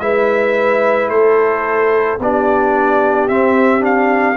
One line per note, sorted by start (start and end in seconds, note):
0.00 1.09 G#3
0.00 2.19 E4
0.00 1.12 B4
0.00 1.09 E5
1.09 2.18 A3
1.09 2.21 A4
1.09 2.19 C5
2.20 3.29 B3
2.20 3.30 D4
2.20 4.37 G4
2.20 3.28 D5
3.28 4.37 C4
3.28 3.80 C4
3.28 3.83 E5
3.80 4.35 D4
3.80 4.37 F5